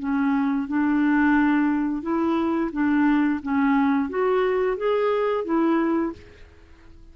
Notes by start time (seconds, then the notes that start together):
0.00 C#4
0.68 D4
2.03 E4
2.72 D4
3.43 C#4
4.10 F#4
4.77 G#4
5.45 E4